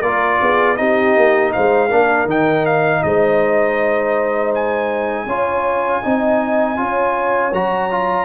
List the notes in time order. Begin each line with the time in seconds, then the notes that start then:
0.00 A#3 F4 A#4 D5
0.40 B3 G#4
0.76 C4 D#4 G4 D#5
1.16 A#3
1.52 G#3 C5 F5
1.88 A#3 D4 A#4
2.25 D#3 D#4 G5
2.65 F5
3.03 G#3 C5 D#5
4.54 G#5
5.26 C#4 F4 C#5
6.02 C4 D#4 D#5
6.76 C#4 F4 C#5
7.52 F#3 F#4 A#5
7.90 F4